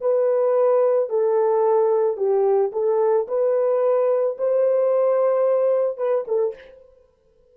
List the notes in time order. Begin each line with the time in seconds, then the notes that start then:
0.00 B4
1.09 A4
2.17 G4
2.72 A4
3.28 B4
4.37 C5
5.97 B4
6.27 A4